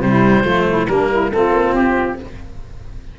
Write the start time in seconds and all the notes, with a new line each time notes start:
0.00 C3 G3 C5
0.06 E4
0.44 F3 A3 F4
0.68 E4
0.87 G3 A#3 D4 A#4
1.11 E4
1.32 A3 C4 F4 A4
1.53 A#3
1.73 C4 G4